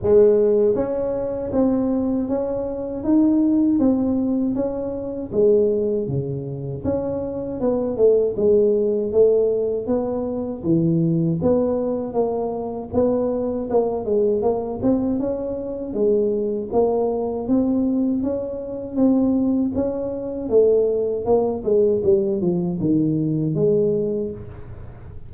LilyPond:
\new Staff \with { instrumentName = "tuba" } { \time 4/4 \tempo 4 = 79 gis4 cis'4 c'4 cis'4 | dis'4 c'4 cis'4 gis4 | cis4 cis'4 b8 a8 gis4 | a4 b4 e4 b4 |
ais4 b4 ais8 gis8 ais8 c'8 | cis'4 gis4 ais4 c'4 | cis'4 c'4 cis'4 a4 | ais8 gis8 g8 f8 dis4 gis4 | }